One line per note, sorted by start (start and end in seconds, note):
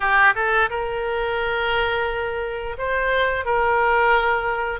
0.00 0.34 G4
0.35 0.69 A4
0.70 2.76 A#4
2.77 3.45 C5
3.45 4.79 A#4